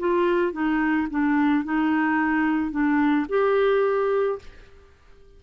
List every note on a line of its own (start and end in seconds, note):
0.00 0.53 F4
0.53 1.08 D#4
1.11 1.65 D4
1.65 2.72 D#4
2.72 3.27 D4
3.29 4.39 G4